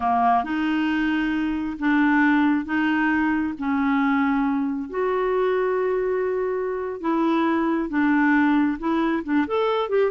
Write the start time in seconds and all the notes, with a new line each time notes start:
0.00 A#3
0.44 D#4
1.79 D4
2.65 D#4
3.58 C#4
4.89 F#4
7.01 E4
7.89 D4
8.78 E4
9.24 D4
9.47 A4
9.89 G4